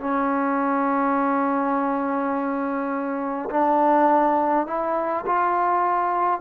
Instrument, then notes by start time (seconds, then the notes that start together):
trombone
0.00 C#4
3.50 D4
4.67 E4
5.26 F4